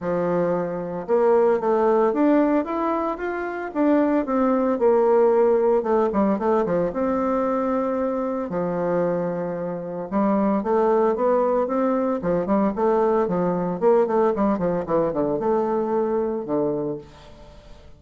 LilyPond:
\new Staff \with { instrumentName = "bassoon" } { \time 4/4 \tempo 4 = 113 f2 ais4 a4 | d'4 e'4 f'4 d'4 | c'4 ais2 a8 g8 | a8 f8 c'2. |
f2. g4 | a4 b4 c'4 f8 g8 | a4 f4 ais8 a8 g8 f8 | e8 d8 a2 d4 | }